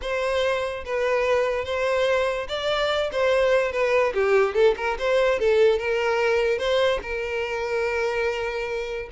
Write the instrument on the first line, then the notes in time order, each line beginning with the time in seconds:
violin
0.01 C5
0.85 B4
1.64 C5
2.48 D5
3.12 C5
3.71 B4
4.14 G4
4.54 A4
4.76 A#4
4.98 C5
5.39 A4
5.78 A#4
6.58 C5
7.02 A#4